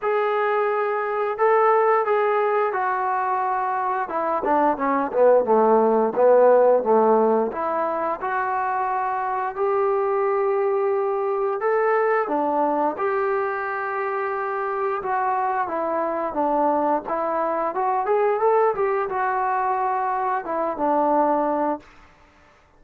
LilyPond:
\new Staff \with { instrumentName = "trombone" } { \time 4/4 \tempo 4 = 88 gis'2 a'4 gis'4 | fis'2 e'8 d'8 cis'8 b8 | a4 b4 a4 e'4 | fis'2 g'2~ |
g'4 a'4 d'4 g'4~ | g'2 fis'4 e'4 | d'4 e'4 fis'8 gis'8 a'8 g'8 | fis'2 e'8 d'4. | }